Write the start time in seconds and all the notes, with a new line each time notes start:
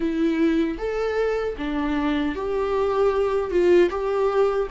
0.00 E4
0.78 A4
1.57 D4
2.35 G4
3.50 F4
3.90 G4